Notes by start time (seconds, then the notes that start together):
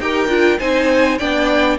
0.00 D#4 G4 A#4 G5
0.28 D4 F4
0.60 C4 D#4 C5 G#5
1.19 B3 D4 D5 G5